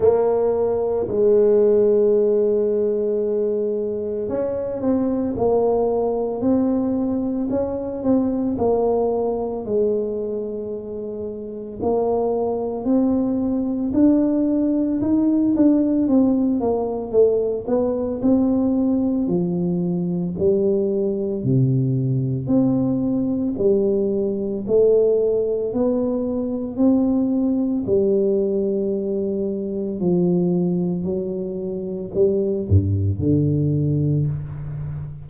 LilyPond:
\new Staff \with { instrumentName = "tuba" } { \time 4/4 \tempo 4 = 56 ais4 gis2. | cis'8 c'8 ais4 c'4 cis'8 c'8 | ais4 gis2 ais4 | c'4 d'4 dis'8 d'8 c'8 ais8 |
a8 b8 c'4 f4 g4 | c4 c'4 g4 a4 | b4 c'4 g2 | f4 fis4 g8 g,8 d4 | }